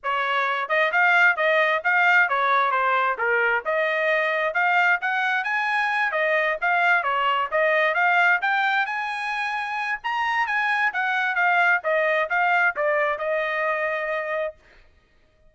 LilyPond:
\new Staff \with { instrumentName = "trumpet" } { \time 4/4 \tempo 4 = 132 cis''4. dis''8 f''4 dis''4 | f''4 cis''4 c''4 ais'4 | dis''2 f''4 fis''4 | gis''4. dis''4 f''4 cis''8~ |
cis''8 dis''4 f''4 g''4 gis''8~ | gis''2 ais''4 gis''4 | fis''4 f''4 dis''4 f''4 | d''4 dis''2. | }